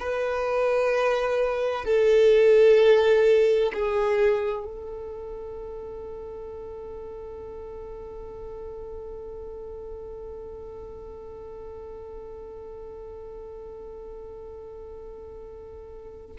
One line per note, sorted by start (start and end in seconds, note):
0.00 1.85 B4
1.85 3.72 A4
3.74 4.65 G#4
4.65 16.37 A4